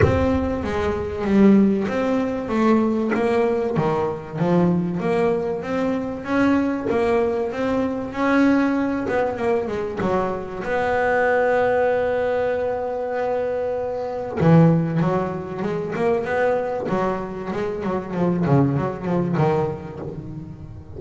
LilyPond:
\new Staff \with { instrumentName = "double bass" } { \time 4/4 \tempo 4 = 96 c'4 gis4 g4 c'4 | a4 ais4 dis4 f4 | ais4 c'4 cis'4 ais4 | c'4 cis'4. b8 ais8 gis8 |
fis4 b2.~ | b2. e4 | fis4 gis8 ais8 b4 fis4 | gis8 fis8 f8 cis8 fis8 f8 dis4 | }